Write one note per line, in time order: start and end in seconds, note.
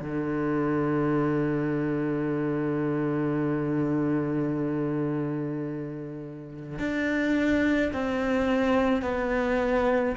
0.00 6.79 D3
6.79 7.92 D4
7.93 9.02 C4
9.02 10.15 B3